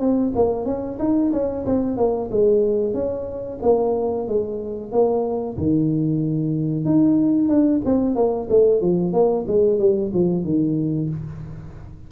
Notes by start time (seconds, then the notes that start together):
0.00 C4
0.36 A#3
0.66 C#4
0.99 D#4
1.33 C#4
1.66 C4
1.97 A#3
2.31 G#3
2.94 C#4
3.63 A#3
4.28 G#3
4.92 A#3
5.57 D#3
6.85 D#4
7.49 D4
7.85 C4
8.16 A#3
8.50 A3
8.81 F3
9.13 A#3
9.48 G#3
9.79 G3
10.14 F3
10.44 D#3